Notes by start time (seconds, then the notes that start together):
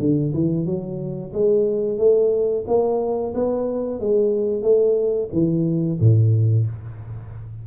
0.00 D3
0.34 E3
0.66 F#3
1.34 G#3
1.98 A3
2.68 A#3
3.35 B3
4.01 G#3
4.63 A3
5.33 E3
6.00 A2